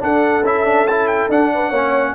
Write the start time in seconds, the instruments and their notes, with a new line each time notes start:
0.00 trombone D4, tuba D4, horn A4, trumpet F#5
0.43 tuba C#4, trombone E4, trumpet E5
0.65 trombone D4
0.88 trombone E4, trumpet A5
1.08 trumpet G5
1.29 tuba D4, trombone D4, trumpet F#5
1.55 horn B4
1.70 tuba A#3, trombone C#4, horn C#5